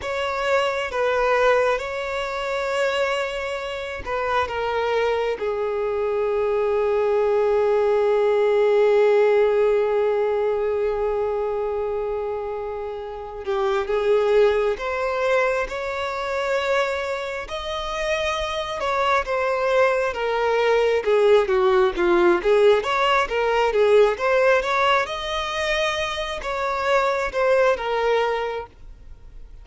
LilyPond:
\new Staff \with { instrumentName = "violin" } { \time 4/4 \tempo 4 = 67 cis''4 b'4 cis''2~ | cis''8 b'8 ais'4 gis'2~ | gis'1~ | gis'2. g'8 gis'8~ |
gis'8 c''4 cis''2 dis''8~ | dis''4 cis''8 c''4 ais'4 gis'8 | fis'8 f'8 gis'8 cis''8 ais'8 gis'8 c''8 cis''8 | dis''4. cis''4 c''8 ais'4 | }